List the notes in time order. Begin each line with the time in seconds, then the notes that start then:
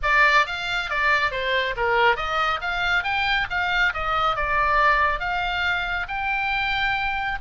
0.02 D5
0.46 F5
0.90 D5
1.31 C5
1.76 A#4
2.16 D#5
2.61 F5
3.03 G5
3.49 F5
3.93 D#5
4.36 D5
5.19 F5
6.08 G5